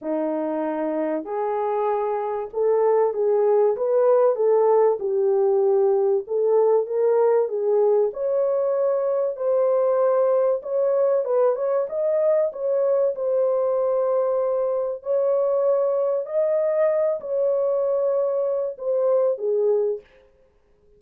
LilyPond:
\new Staff \with { instrumentName = "horn" } { \time 4/4 \tempo 4 = 96 dis'2 gis'2 | a'4 gis'4 b'4 a'4 | g'2 a'4 ais'4 | gis'4 cis''2 c''4~ |
c''4 cis''4 b'8 cis''8 dis''4 | cis''4 c''2. | cis''2 dis''4. cis''8~ | cis''2 c''4 gis'4 | }